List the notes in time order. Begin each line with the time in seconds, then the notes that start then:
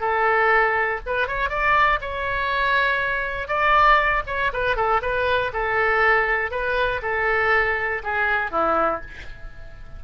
0.00 A4
1.06 B4
1.27 C#5
1.49 D5
2.01 C#5
3.47 D5
4.26 C#5
4.53 B4
4.76 A4
5.01 B4
5.52 A4
6.51 B4
7.02 A4
8.03 G#4
8.51 E4